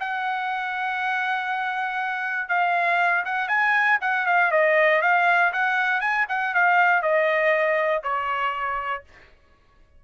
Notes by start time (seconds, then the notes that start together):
0.00 F#5
2.49 F5
3.25 F#5
3.48 G#5
4.01 F#5
4.27 F5
4.51 D#5
5.02 F5
5.53 F#5
6.01 G#5
6.29 F#5
6.54 F5
7.02 D#5
8.03 C#5